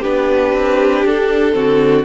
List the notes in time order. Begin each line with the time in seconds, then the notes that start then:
0.00 B3 D4 G4 B4
0.53 C4
1.05 D4 A4
1.53 D3 C4 F#4